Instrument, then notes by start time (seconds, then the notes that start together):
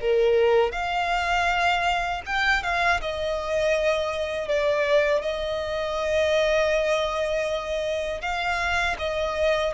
violin
0.00 A#4
0.72 F5
2.25 G5
2.62 F5
3.00 D#5
4.48 D5
5.21 D#5
8.21 F5
8.98 D#5